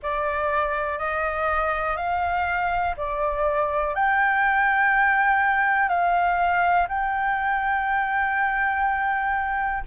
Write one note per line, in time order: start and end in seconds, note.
0.02 0.98 D5
0.98 1.96 D#5
1.96 2.95 F5
2.96 3.94 D5
3.94 5.88 G5
5.88 6.87 F5
6.88 9.83 G5